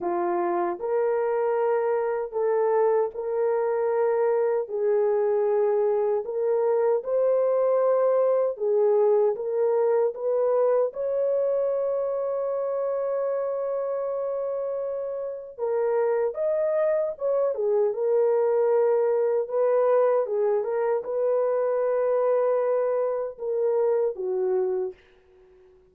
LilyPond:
\new Staff \with { instrumentName = "horn" } { \time 4/4 \tempo 4 = 77 f'4 ais'2 a'4 | ais'2 gis'2 | ais'4 c''2 gis'4 | ais'4 b'4 cis''2~ |
cis''1 | ais'4 dis''4 cis''8 gis'8 ais'4~ | ais'4 b'4 gis'8 ais'8 b'4~ | b'2 ais'4 fis'4 | }